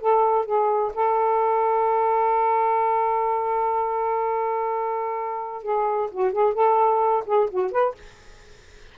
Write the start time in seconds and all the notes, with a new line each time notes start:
0.00 A4
0.45 G#4
0.94 A4
5.63 G#4
6.11 F#4
6.32 G#4
6.54 A4
7.26 G#4
7.50 F#4
7.72 B4